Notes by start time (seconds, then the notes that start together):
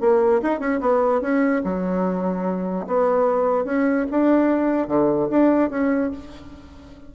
0.00 A#3
0.42 D#4
0.59 C#4
0.80 B3
1.21 C#4
1.64 F#3
2.87 B3
3.65 C#4
4.11 D4
4.87 D3
5.30 D4
5.70 C#4